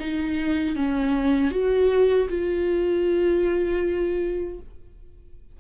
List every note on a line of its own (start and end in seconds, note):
0.00 0.77 D#4
0.77 1.52 C#4
1.52 2.29 F#4
2.29 4.60 F4